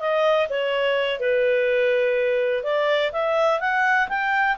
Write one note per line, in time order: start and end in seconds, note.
0.00 0.48 D#5
0.50 1.20 C#5
1.20 2.63 B4
2.63 3.11 D5
3.12 3.60 E5
3.60 4.08 F#5
4.09 4.57 G5